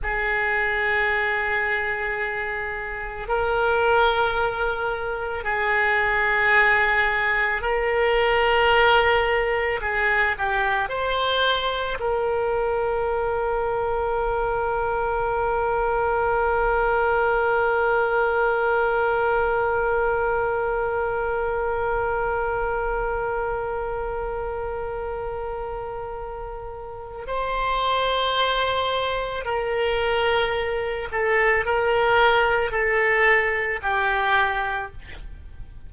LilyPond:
\new Staff \with { instrumentName = "oboe" } { \time 4/4 \tempo 4 = 55 gis'2. ais'4~ | ais'4 gis'2 ais'4~ | ais'4 gis'8 g'8 c''4 ais'4~ | ais'1~ |
ais'1~ | ais'1~ | ais'4 c''2 ais'4~ | ais'8 a'8 ais'4 a'4 g'4 | }